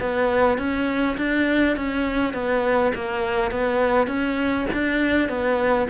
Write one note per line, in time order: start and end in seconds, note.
0.00 0.58 B3
0.58 1.17 C#4
1.18 1.76 D4
1.76 2.33 C#4
2.33 2.92 B3
2.95 3.51 A#3
3.51 4.07 B3
4.07 4.66 C#4
4.73 5.29 D4
5.29 5.88 B3